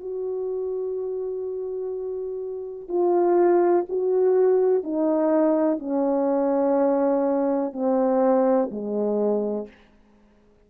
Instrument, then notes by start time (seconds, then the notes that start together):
horn
0.00 F#4
2.89 F4
3.89 F#4
4.83 D#4
5.79 C#4
7.72 C4
8.71 G#3